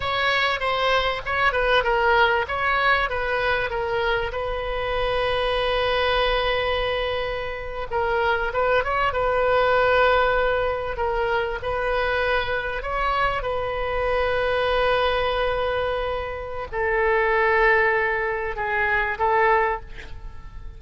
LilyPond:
\new Staff \with { instrumentName = "oboe" } { \time 4/4 \tempo 4 = 97 cis''4 c''4 cis''8 b'8 ais'4 | cis''4 b'4 ais'4 b'4~ | b'1~ | b'8. ais'4 b'8 cis''8 b'4~ b'16~ |
b'4.~ b'16 ais'4 b'4~ b'16~ | b'8. cis''4 b'2~ b'16~ | b'2. a'4~ | a'2 gis'4 a'4 | }